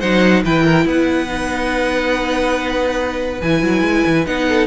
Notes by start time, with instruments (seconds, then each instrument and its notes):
0.00 cello F#3, viola D#4, violin C5 F#5
0.45 cello E3, viola E4, violin B4 G5
0.64 violin A#4
0.86 cello B3, violin B4 F#5
1.27 viola D#4
3.41 cello E3, viola E4, violin G#5
3.63 cello F#3
3.82 cello G#3
4.07 cello E3
4.26 cello B3, viola D#4, violin F#5
4.49 violin A4